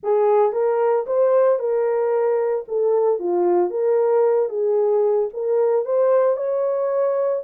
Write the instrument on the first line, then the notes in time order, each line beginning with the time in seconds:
horn
0.03 G#4
0.52 A#4
1.06 C5
1.59 A#4
2.68 A4
3.19 F4
3.70 A#4
4.49 G#4
5.33 A#4
5.85 C5
6.36 C#5